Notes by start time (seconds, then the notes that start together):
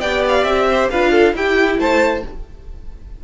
0.00 B3 G4 D5 G5
0.28 F5
0.44 C4 E5
0.71 C5
0.90 D4 F4 B4 F5
1.12 A4
1.34 E4 G4 G5
1.78 A3 C5 A5